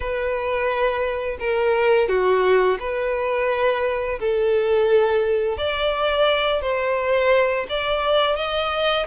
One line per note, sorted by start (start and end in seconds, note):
0.00 1.37 B4
1.39 2.08 A#4
2.08 2.78 F#4
2.79 4.19 B4
4.19 5.57 A4
5.57 6.61 D5
6.61 7.66 C5
7.69 8.36 D5
8.36 9.05 D#5